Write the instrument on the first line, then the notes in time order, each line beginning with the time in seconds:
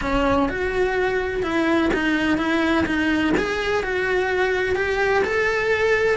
cello
0.01 C#4
0.48 F#4
1.42 E4
1.93 D#4
2.37 E4
2.85 D#4
3.37 G#4
3.83 F#4
4.75 G4
5.24 A4